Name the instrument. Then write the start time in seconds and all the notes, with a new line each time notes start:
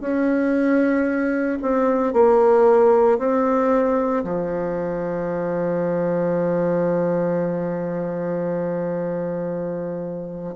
bassoon
0.00 C#4
1.62 C4
2.13 A#3
3.18 C4
4.23 F3